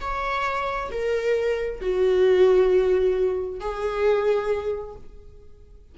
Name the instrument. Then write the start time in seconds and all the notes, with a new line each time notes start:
viola
0.00 C#5
0.91 A#4
1.80 F#4
3.60 G#4